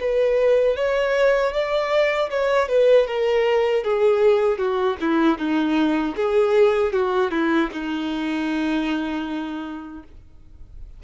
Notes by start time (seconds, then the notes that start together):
0.00 B4
0.76 C#5
1.52 D5
2.30 C#5
2.68 B4
3.07 A#4
3.83 G#4
4.58 F#4
5.00 E4
5.38 D#4
6.16 G#4
6.92 F#4
7.31 E4
7.72 D#4